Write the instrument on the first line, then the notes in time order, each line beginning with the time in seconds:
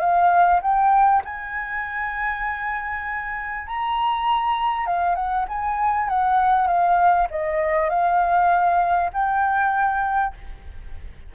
flute
0.00 F5
0.62 G5
1.25 G#5
3.67 A#5
4.87 F5
5.15 F#5
5.48 G#5
6.09 F#5
6.67 F5
7.31 D#5
7.90 F5
9.13 G5